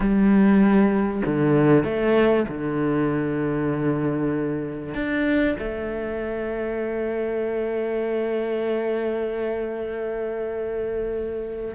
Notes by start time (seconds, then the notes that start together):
0.00 G3
1.25 D3
1.84 A3
2.48 D3
4.94 D4
5.58 A3